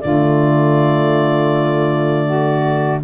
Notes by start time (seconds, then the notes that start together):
0.00 D3 A3 F4 D5
2.25 F#4